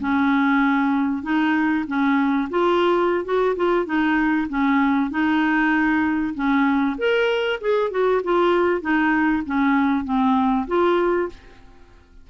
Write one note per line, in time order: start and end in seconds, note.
0.00 1.23 C#4
1.23 1.85 D#4
1.87 2.49 C#4
2.50 3.25 F4
3.25 3.56 F#4
3.56 3.86 F4
3.86 4.48 D#4
4.49 5.11 C#4
5.11 6.34 D#4
6.35 6.97 C#4
6.98 7.60 A#4
7.61 7.91 G#4
7.91 8.22 F#4
8.24 8.81 F4
8.81 9.43 D#4
9.46 10.05 C#4
10.05 10.67 C4
10.68 11.29 F4